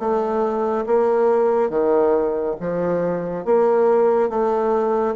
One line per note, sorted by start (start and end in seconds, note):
0.00 0.86 A3
0.87 1.70 A#3
1.70 2.56 D#3
2.61 3.46 F3
3.46 4.30 A#3
4.30 5.15 A3